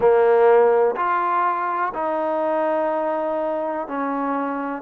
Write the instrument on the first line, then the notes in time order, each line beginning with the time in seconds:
trombone
0.00 A#3
0.96 F4
1.94 D#4
3.87 C#4